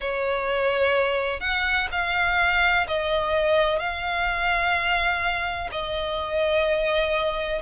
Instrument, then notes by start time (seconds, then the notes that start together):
violin
0.00 C#5
1.40 F#5
1.91 F5
2.87 D#5
3.79 F5
5.71 D#5